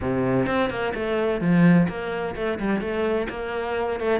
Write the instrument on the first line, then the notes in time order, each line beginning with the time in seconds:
cello
0.00 C3
0.46 C4
0.69 A#3
0.94 A3
1.40 F3
1.88 A#3
2.35 A3
2.59 G3
2.80 A3
3.29 A#3
4.00 A3